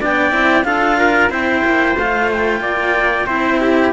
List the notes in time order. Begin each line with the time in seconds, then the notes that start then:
0.00 B3 D4 D5 G5
0.30 C4 E4
0.64 D4 F4 A4 F5
0.99 A#4
1.30 C4 E4 C5 G5
1.64 A#3
1.97 A3 F4 F5
2.33 G5
2.60 A#3 D5
3.27 C4 E4 C5
3.61 G4